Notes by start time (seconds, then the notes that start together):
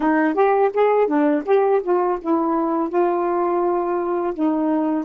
0.00 D#4
0.34 G4
0.73 G#4
1.06 D4
1.45 G4
1.82 F4
2.21 E4
2.89 F4
4.34 D#4